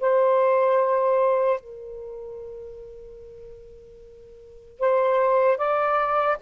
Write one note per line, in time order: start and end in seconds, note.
0.00 1.60 C5
1.60 4.79 A#4
4.79 5.57 C5
5.57 6.37 D5